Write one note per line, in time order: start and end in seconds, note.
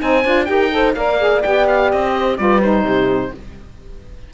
0.00 0.24 C4
0.00 0.24 D#4
0.00 0.48 C5
0.00 0.45 G#5
0.24 0.48 D4
0.24 0.45 F4
0.45 0.95 D#4
0.45 0.69 G4
0.45 0.74 A#4
0.45 0.92 G5
0.70 0.94 A4
0.70 0.96 C5
0.94 1.43 A#3
0.94 1.18 A#4
0.94 2.13 D5
0.94 1.42 F5
1.18 1.42 G#4
1.42 1.92 B3
1.42 2.37 G4
1.42 1.66 G5
1.67 1.91 F5
1.91 2.38 C4
1.91 2.37 D#5
2.13 2.37 C5
2.37 2.83 G3
2.37 2.61 F4
2.37 2.85 B4
2.37 2.61 D5
2.62 3.33 D#4
2.62 3.33 C5
2.83 3.31 C3
2.83 3.33 G4